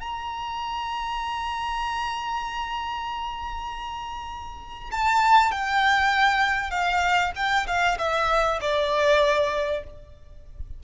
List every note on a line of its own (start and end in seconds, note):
0.00 4.90 A#5
4.91 5.51 A5
5.51 6.71 G5
6.71 7.32 F5
7.36 7.66 G5
7.67 7.98 F5
7.98 8.59 E5
8.61 9.83 D5